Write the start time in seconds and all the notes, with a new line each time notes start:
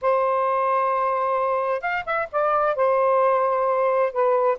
0.01 C5
1.81 F5
2.05 E5
2.32 D5
2.75 C5
4.12 B4